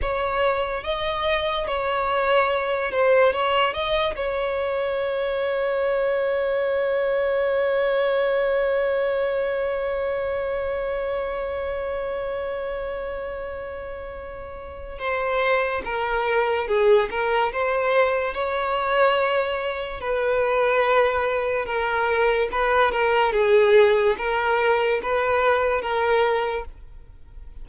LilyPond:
\new Staff \with { instrumentName = "violin" } { \time 4/4 \tempo 4 = 72 cis''4 dis''4 cis''4. c''8 | cis''8 dis''8 cis''2.~ | cis''1~ | cis''1~ |
cis''2 c''4 ais'4 | gis'8 ais'8 c''4 cis''2 | b'2 ais'4 b'8 ais'8 | gis'4 ais'4 b'4 ais'4 | }